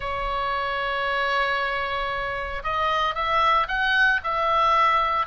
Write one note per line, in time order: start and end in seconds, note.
0.00 2.62 C#5
2.63 3.14 D#5
3.14 3.67 E5
3.68 4.20 F#5
4.23 5.26 E5